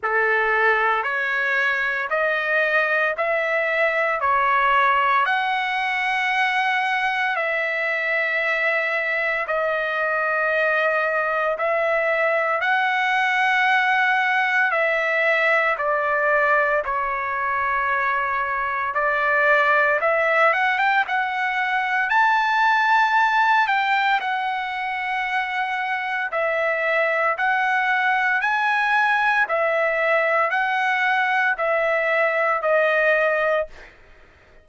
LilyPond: \new Staff \with { instrumentName = "trumpet" } { \time 4/4 \tempo 4 = 57 a'4 cis''4 dis''4 e''4 | cis''4 fis''2 e''4~ | e''4 dis''2 e''4 | fis''2 e''4 d''4 |
cis''2 d''4 e''8 fis''16 g''16 | fis''4 a''4. g''8 fis''4~ | fis''4 e''4 fis''4 gis''4 | e''4 fis''4 e''4 dis''4 | }